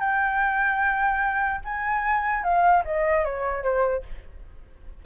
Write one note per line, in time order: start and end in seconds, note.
0.00 1.61 G5
1.65 2.43 G#5
2.43 2.84 F5
2.85 3.25 D#5
3.25 3.63 C#5
3.63 4.03 C5